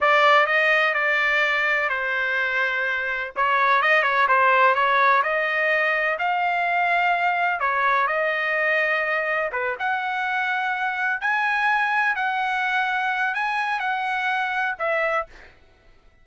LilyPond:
\new Staff \with { instrumentName = "trumpet" } { \time 4/4 \tempo 4 = 126 d''4 dis''4 d''2 | c''2. cis''4 | dis''8 cis''8 c''4 cis''4 dis''4~ | dis''4 f''2. |
cis''4 dis''2. | b'8 fis''2. gis''8~ | gis''4. fis''2~ fis''8 | gis''4 fis''2 e''4 | }